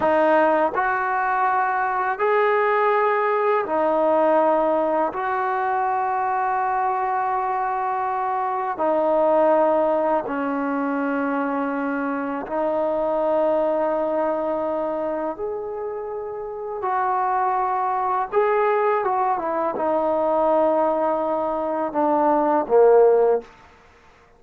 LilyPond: \new Staff \with { instrumentName = "trombone" } { \time 4/4 \tempo 4 = 82 dis'4 fis'2 gis'4~ | gis'4 dis'2 fis'4~ | fis'1 | dis'2 cis'2~ |
cis'4 dis'2.~ | dis'4 gis'2 fis'4~ | fis'4 gis'4 fis'8 e'8 dis'4~ | dis'2 d'4 ais4 | }